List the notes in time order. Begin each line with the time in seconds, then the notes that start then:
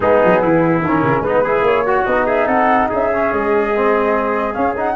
0.00 G#3 B3 D#4 G#4
0.24 F#3
0.41 E3 E4
0.81 D#3 C#4 A#4
1.02 C#3
1.20 G#3 D#4 B4
1.28 B3
1.43 E4 G#4
1.61 A#3 C#5
1.86 F#4
2.04 B3 D#4 D#5
2.26 G#4 E5
2.46 C4 A4 F#5
2.89 C#4 G#4 E5
3.12 C#4
3.32 G#3 D#5
3.75 C4
4.53 C#4 F5
4.76 D#4 F#5